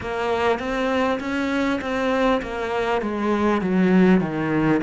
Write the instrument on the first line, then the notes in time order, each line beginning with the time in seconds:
cello
0.01 A#3
0.59 C4
1.19 C#4
1.81 C4
2.42 A#3
3.01 G#3
3.61 F#3
4.20 D#3